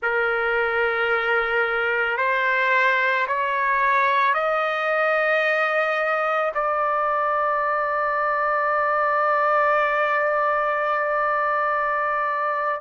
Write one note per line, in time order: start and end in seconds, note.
0.02 2.17 A#4
2.17 3.26 C5
3.27 4.33 C#5
4.33 6.52 D#5
6.54 12.80 D5